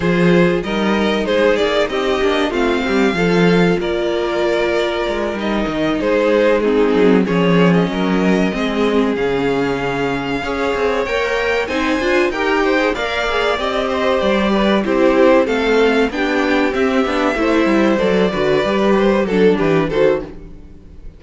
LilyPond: <<
  \new Staff \with { instrumentName = "violin" } { \time 4/4 \tempo 4 = 95 c''4 dis''4 c''8 d''8 dis''4 | f''2 d''2~ | d''8 dis''4 c''4 gis'4 cis''8~ | cis''16 dis''2~ dis''16 f''4.~ |
f''4. g''4 gis''4 g''8~ | g''8 f''4 dis''4 d''4 c''8~ | c''8 f''4 g''4 e''4.~ | e''8 d''4. c''8 a'8 b'8 c''8 | }
  \new Staff \with { instrumentName = "violin" } { \time 4/4 gis'4 ais'4 gis'4 g'4 | f'8 g'8 a'4 ais'2~ | ais'4. gis'4 dis'4 gis'8~ | gis'8 ais'4 gis'2~ gis'8~ |
gis'8 cis''2 c''4 ais'8 | c''8 d''4. c''4 b'8 g'8~ | g'8 a'4 g'2 c''8~ | c''4 b'4. a'8 g'8 a'8 | }
  \new Staff \with { instrumentName = "viola" } { \time 4/4 f'4 dis'2~ dis'8 d'8 | c'4 f'2.~ | f'8 dis'2 c'4 cis'8~ | cis'4. c'4 cis'4.~ |
cis'8 gis'4 ais'4 dis'8 f'8 g'8~ | g'16 gis'16 ais'8 gis'8 g'2 e'8~ | e'8 c'4 d'4 c'8 d'8 e'8~ | e'8 a'8 fis'8 g'4 d'4 fis'8 | }
  \new Staff \with { instrumentName = "cello" } { \time 4/4 f4 g4 gis8 ais8 c'8 ais8 | a8 g8 f4 ais2 | gis8 g8 dis8 gis4. fis8 f8~ | f8 fis4 gis4 cis4.~ |
cis8 cis'8 c'8 ais4 c'8 d'8 dis'8~ | dis'8 ais4 c'4 g4 c'8~ | c'8 a4 b4 c'8 b8 a8 | g8 fis8 d8 g4 fis8 e8 dis8 | }
>>